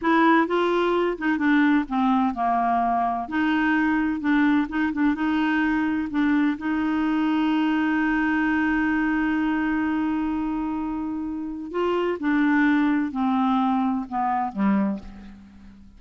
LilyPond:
\new Staff \with { instrumentName = "clarinet" } { \time 4/4 \tempo 4 = 128 e'4 f'4. dis'8 d'4 | c'4 ais2 dis'4~ | dis'4 d'4 dis'8 d'8 dis'4~ | dis'4 d'4 dis'2~ |
dis'1~ | dis'1~ | dis'4 f'4 d'2 | c'2 b4 g4 | }